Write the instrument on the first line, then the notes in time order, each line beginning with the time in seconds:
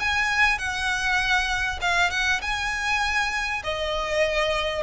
violin
0.00 G#5
0.59 F#5
1.82 F5
2.11 F#5
2.42 G#5
3.64 D#5